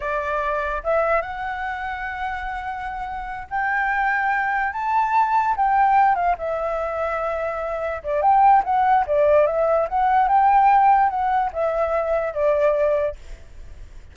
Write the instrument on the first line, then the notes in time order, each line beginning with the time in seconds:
flute
0.00 D5
0.83 E5
1.21 F#5
3.50 G5
4.73 A5
5.56 G5
6.15 F5
6.38 E5
8.03 D5
8.21 G5
8.64 F#5
9.06 D5
9.46 E5
9.88 F#5
10.28 G5
11.09 F#5
11.53 E5
12.33 D5